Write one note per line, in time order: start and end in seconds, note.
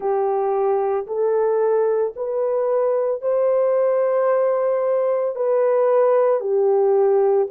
0.00 1.06 G4
1.07 2.14 A4
2.16 3.21 B4
3.21 5.35 C5
5.35 6.40 B4
6.40 7.47 G4